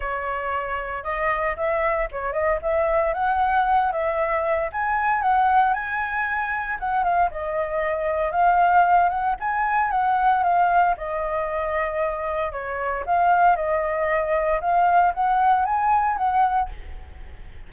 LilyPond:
\new Staff \with { instrumentName = "flute" } { \time 4/4 \tempo 4 = 115 cis''2 dis''4 e''4 | cis''8 dis''8 e''4 fis''4. e''8~ | e''4 gis''4 fis''4 gis''4~ | gis''4 fis''8 f''8 dis''2 |
f''4. fis''8 gis''4 fis''4 | f''4 dis''2. | cis''4 f''4 dis''2 | f''4 fis''4 gis''4 fis''4 | }